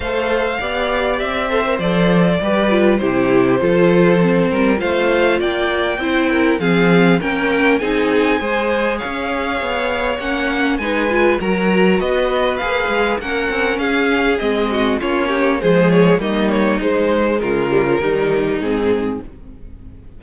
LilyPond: <<
  \new Staff \with { instrumentName = "violin" } { \time 4/4 \tempo 4 = 100 f''2 e''4 d''4~ | d''4 c''2. | f''4 g''2 f''4 | g''4 gis''2 f''4~ |
f''4 fis''4 gis''4 ais''4 | dis''4 f''4 fis''4 f''4 | dis''4 cis''4 c''8 cis''8 dis''8 cis''8 | c''4 ais'2 gis'4 | }
  \new Staff \with { instrumentName = "violin" } { \time 4/4 c''4 d''4. c''4. | b'4 g'4 a'4. ais'8 | c''4 d''4 c''8 ais'8 gis'4 | ais'4 gis'4 c''4 cis''4~ |
cis''2 b'4 ais'4 | b'2 ais'4 gis'4~ | gis'8 fis'8 f'8 g'8 gis'4 dis'4~ | dis'4 f'4 dis'2 | }
  \new Staff \with { instrumentName = "viola" } { \time 4/4 a'4 g'4. a'16 ais'16 a'4 | g'8 f'8 e'4 f'4 c'4 | f'2 e'4 c'4 | cis'4 dis'4 gis'2~ |
gis'4 cis'4 dis'8 f'8 fis'4~ | fis'4 gis'4 cis'2 | c'4 cis'4 gis4 ais4 | gis4. g16 f16 g4 c'4 | }
  \new Staff \with { instrumentName = "cello" } { \time 4/4 a4 b4 c'4 f4 | g4 c4 f4. g8 | a4 ais4 c'4 f4 | ais4 c'4 gis4 cis'4 |
b4 ais4 gis4 fis4 | b4 ais8 gis8 ais8 c'8 cis'4 | gis4 ais4 f4 g4 | gis4 cis4 dis4 gis,4 | }
>>